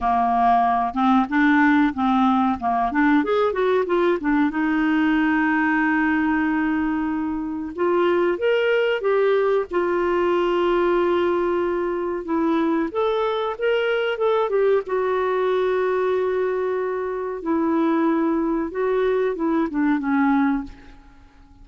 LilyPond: \new Staff \with { instrumentName = "clarinet" } { \time 4/4 \tempo 4 = 93 ais4. c'8 d'4 c'4 | ais8 d'8 gis'8 fis'8 f'8 d'8 dis'4~ | dis'1 | f'4 ais'4 g'4 f'4~ |
f'2. e'4 | a'4 ais'4 a'8 g'8 fis'4~ | fis'2. e'4~ | e'4 fis'4 e'8 d'8 cis'4 | }